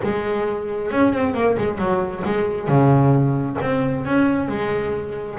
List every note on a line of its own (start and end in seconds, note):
0.03 0.91 G#3
0.91 1.13 C#4
1.13 1.34 C4
1.34 1.56 A#3
1.57 1.78 G#3
1.78 2.23 F#3
2.24 2.68 G#3
2.68 3.57 C#3
3.61 4.05 C4
4.05 4.48 C#4
4.48 5.37 G#3